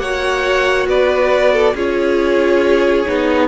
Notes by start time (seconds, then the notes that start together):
0.00 A#3 F#4 C#5 F#5
0.87 B3 B4 D5
1.53 A4
1.75 C#4 F4 G#4 C#5
3.07 B3 D#4